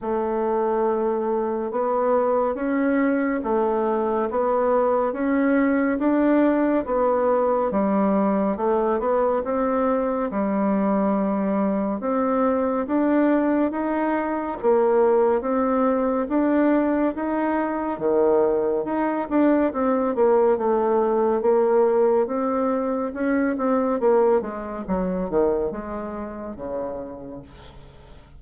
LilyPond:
\new Staff \with { instrumentName = "bassoon" } { \time 4/4 \tempo 4 = 70 a2 b4 cis'4 | a4 b4 cis'4 d'4 | b4 g4 a8 b8 c'4 | g2 c'4 d'4 |
dis'4 ais4 c'4 d'4 | dis'4 dis4 dis'8 d'8 c'8 ais8 | a4 ais4 c'4 cis'8 c'8 | ais8 gis8 fis8 dis8 gis4 cis4 | }